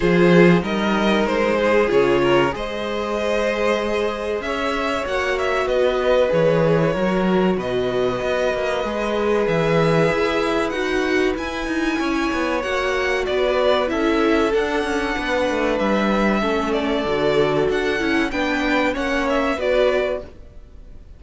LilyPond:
<<
  \new Staff \with { instrumentName = "violin" } { \time 4/4 \tempo 4 = 95 c''4 dis''4 c''4 cis''4 | dis''2. e''4 | fis''8 e''8 dis''4 cis''2 | dis''2. e''4~ |
e''4 fis''4 gis''2 | fis''4 d''4 e''4 fis''4~ | fis''4 e''4. d''4. | fis''4 g''4 fis''8 e''8 d''4 | }
  \new Staff \with { instrumentName = "violin" } { \time 4/4 gis'4 ais'4. gis'4 ais'8 | c''2. cis''4~ | cis''4 b'2 ais'4 | b'1~ |
b'2. cis''4~ | cis''4 b'4 a'2 | b'2 a'2~ | a'4 b'4 cis''4 b'4 | }
  \new Staff \with { instrumentName = "viola" } { \time 4/4 f'4 dis'2 f'4 | gis'1 | fis'2 gis'4 fis'4~ | fis'2 gis'2~ |
gis'4 fis'4 e'2 | fis'2 e'4 d'4~ | d'2 cis'4 fis'4~ | fis'8 e'8 d'4 cis'4 fis'4 | }
  \new Staff \with { instrumentName = "cello" } { \time 4/4 f4 g4 gis4 cis4 | gis2. cis'4 | ais4 b4 e4 fis4 | b,4 b8 ais8 gis4 e4 |
e'4 dis'4 e'8 dis'8 cis'8 b8 | ais4 b4 cis'4 d'8 cis'8 | b8 a8 g4 a4 d4 | d'8 cis'8 b4 ais4 b4 | }
>>